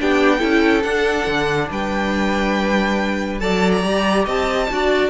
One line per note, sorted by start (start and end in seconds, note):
0.00 0.43 B3
0.00 0.39 D4
0.00 0.39 G4
0.00 0.83 G5
0.39 0.84 C#4
0.39 0.82 E4
0.39 1.68 A4
0.83 1.27 D4
0.83 3.41 D4
0.83 1.69 F#5
1.27 1.70 D3
1.70 3.41 G3
1.70 3.42 B4
1.70 3.40 G5
3.40 3.84 F#3
3.40 3.83 A4
3.40 4.26 D5
3.40 3.72 A5
3.72 4.25 A#5
3.83 4.27 G3
3.83 4.69 G4
4.26 4.70 C4
4.26 4.68 D#5
4.26 5.11 A5
4.71 5.11 D4
4.71 5.11 F#4
4.71 5.11 D5